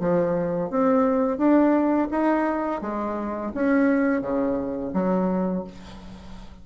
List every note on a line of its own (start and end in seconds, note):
0.00 0.70 F3
0.70 1.38 C4
1.38 2.09 D4
2.11 2.82 D#4
2.82 3.52 G#3
3.54 4.21 C#4
4.21 4.92 C#3
4.94 5.64 F#3